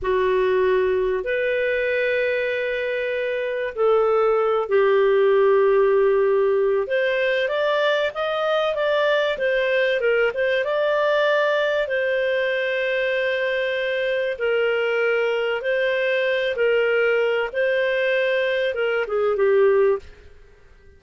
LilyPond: \new Staff \with { instrumentName = "clarinet" } { \time 4/4 \tempo 4 = 96 fis'2 b'2~ | b'2 a'4. g'8~ | g'2. c''4 | d''4 dis''4 d''4 c''4 |
ais'8 c''8 d''2 c''4~ | c''2. ais'4~ | ais'4 c''4. ais'4. | c''2 ais'8 gis'8 g'4 | }